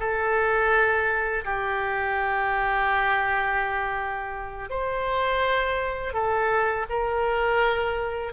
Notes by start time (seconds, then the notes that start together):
0.00 A4
1.45 G4
4.70 C5
6.14 A4
6.90 A#4